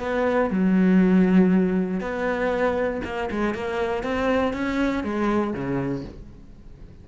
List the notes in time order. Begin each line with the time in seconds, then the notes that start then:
0.00 B3
0.50 F#3
2.00 B3
3.04 A#3
3.30 G#3
3.54 A#3
4.03 C4
4.53 C#4
5.03 G#3
5.53 C#3